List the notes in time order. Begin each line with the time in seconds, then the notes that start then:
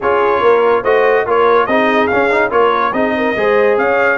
0.00 C#4 F4 G#4 C#5
0.40 A#3 A#4
0.82 A3 F#4 C5 D#5
1.26 A#3 F4 A#4 C#5
1.66 C4 D#4 G#4 D#5
2.07 C#4 F5
2.30 D#4
2.50 A#3 F4 A#4 C#5
2.92 C4 D#4 G#4 D#5
3.17 A#4
3.36 G#3 G#4 C5
3.77 C#4 C#5 F5